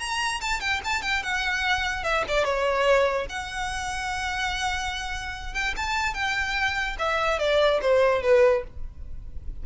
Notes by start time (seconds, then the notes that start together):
0.00 A#5
0.41 A5
0.61 G5
0.85 A5
1.03 G5
1.23 F#5
2.04 E5
2.28 D5
2.45 C#5
3.30 F#5
5.54 G5
5.77 A5
6.15 G5
6.99 E5
7.40 D5
7.82 C5
8.23 B4